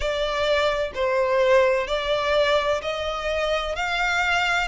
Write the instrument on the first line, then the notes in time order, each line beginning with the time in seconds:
violin
0.00 D5
0.94 C5
1.87 D5
2.81 D#5
3.75 F5